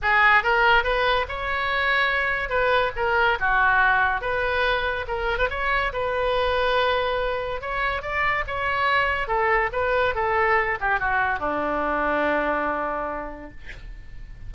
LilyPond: \new Staff \with { instrumentName = "oboe" } { \time 4/4 \tempo 4 = 142 gis'4 ais'4 b'4 cis''4~ | cis''2 b'4 ais'4 | fis'2 b'2 | ais'8. b'16 cis''4 b'2~ |
b'2 cis''4 d''4 | cis''2 a'4 b'4 | a'4. g'8 fis'4 d'4~ | d'1 | }